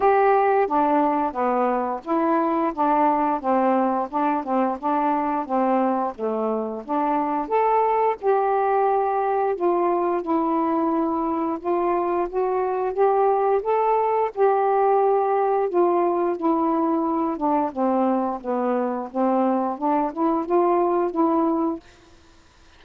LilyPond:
\new Staff \with { instrumentName = "saxophone" } { \time 4/4 \tempo 4 = 88 g'4 d'4 b4 e'4 | d'4 c'4 d'8 c'8 d'4 | c'4 a4 d'4 a'4 | g'2 f'4 e'4~ |
e'4 f'4 fis'4 g'4 | a'4 g'2 f'4 | e'4. d'8 c'4 b4 | c'4 d'8 e'8 f'4 e'4 | }